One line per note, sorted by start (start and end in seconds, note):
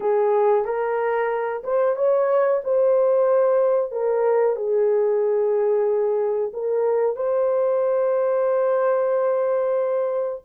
0.00 0.65 G#4
0.65 1.62 A#4
1.63 1.96 C5
1.96 2.61 C#5
2.64 3.91 C5
3.91 4.56 A#4
4.56 6.51 G#4
6.53 7.16 A#4
7.16 10.42 C5